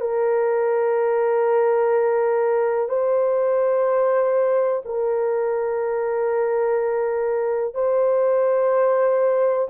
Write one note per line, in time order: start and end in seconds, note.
0.00 2.89 A#4
2.89 4.82 C5
4.85 7.74 A#4
7.74 9.68 C5